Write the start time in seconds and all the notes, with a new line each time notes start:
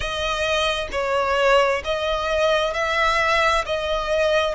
0.00 D#5
0.91 C#5
1.84 D#5
2.73 E5
3.65 D#5